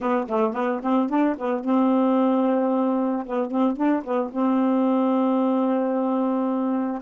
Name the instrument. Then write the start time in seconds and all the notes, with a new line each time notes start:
saxophone
0.00 B3
0.28 A3
0.53 B3
0.82 C4
1.09 D4
1.37 B3
1.64 C4
3.26 B3
3.50 C4
3.76 D4
4.03 B3
4.32 C4